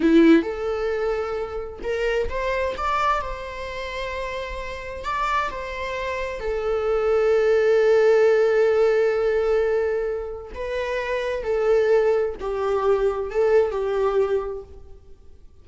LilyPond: \new Staff \with { instrumentName = "viola" } { \time 4/4 \tempo 4 = 131 e'4 a'2. | ais'4 c''4 d''4 c''4~ | c''2. d''4 | c''2 a'2~ |
a'1~ | a'2. b'4~ | b'4 a'2 g'4~ | g'4 a'4 g'2 | }